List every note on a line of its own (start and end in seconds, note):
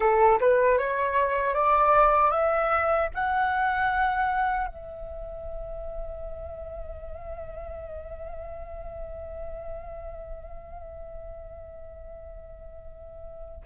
0.00 0.39 A4
0.40 0.78 B4
0.78 1.54 C#5
1.54 2.30 D5
2.30 3.08 E5
3.14 4.67 F#5
4.67 13.63 E5